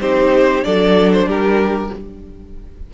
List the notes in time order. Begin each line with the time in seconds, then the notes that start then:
0.00 C4 D#4 G4 C5
0.62 F#3 D4 A4 D5
1.13 C5
1.26 G3 G4 A#4